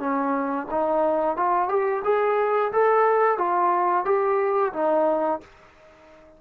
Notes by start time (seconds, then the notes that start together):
0.00 C#4
0.71 D#4
1.37 F4
1.69 G4
2.05 G#4
2.72 A4
3.38 F4
4.05 G4
4.74 D#4